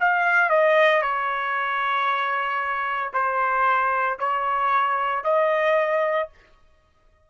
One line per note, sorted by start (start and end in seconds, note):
0.00 0.50 F5
0.50 1.02 D#5
1.02 3.12 C#5
3.13 4.18 C5
4.19 5.24 C#5
5.24 6.29 D#5